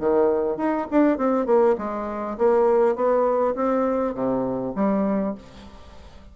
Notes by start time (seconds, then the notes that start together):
0.00 D#3
0.57 D#4
0.91 D4
1.18 C4
1.46 A#3
1.78 G#3
2.38 A#3
2.96 B3
3.55 C4
4.15 C3
4.76 G3